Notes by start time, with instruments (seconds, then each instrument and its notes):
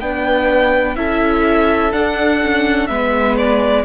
0.00 cello B3, viola D4, violin B4 G5
0.96 cello C#4, viola E4, violin A4 E5
1.93 viola D4, cello D4, violin F#5
2.43 viola C#4
2.87 cello G#3, viola B3, violin B4 E5
3.37 violin D5